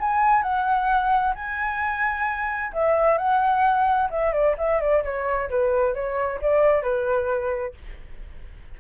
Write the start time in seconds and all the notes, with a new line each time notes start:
0.00 G#5
0.42 F#5
1.35 G#5
2.73 E5
3.18 F#5
4.10 E5
4.32 D5
4.58 E5
4.80 D5
5.04 C#5
5.50 B4
5.94 C#5
6.41 D5
6.83 B4